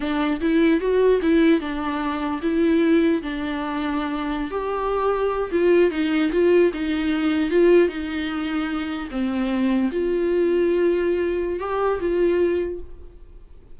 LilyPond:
\new Staff \with { instrumentName = "viola" } { \time 4/4 \tempo 4 = 150 d'4 e'4 fis'4 e'4 | d'2 e'2 | d'2.~ d'16 g'8.~ | g'4.~ g'16 f'4 dis'4 f'16~ |
f'8. dis'2 f'4 dis'16~ | dis'2~ dis'8. c'4~ c'16~ | c'8. f'2.~ f'16~ | f'4 g'4 f'2 | }